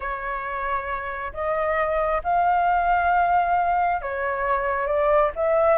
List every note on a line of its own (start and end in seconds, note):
0.00 1.32 C#5
1.33 2.22 D#5
2.23 4.01 F5
4.01 4.86 C#5
4.86 5.31 D5
5.35 5.78 E5